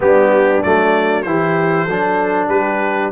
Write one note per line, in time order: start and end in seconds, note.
0.00 0.63 G3
0.00 0.62 B3
0.00 1.27 D4
0.00 0.62 G4
0.62 1.25 F#3
0.62 1.25 A3
0.62 1.22 D5
1.22 1.87 E3
1.22 1.89 E4
1.22 1.84 G4
1.22 2.47 C5
1.84 2.49 F#3
1.84 3.11 D4
1.84 2.47 A4
2.49 3.11 G3
2.49 3.11 G4
2.49 3.11 B4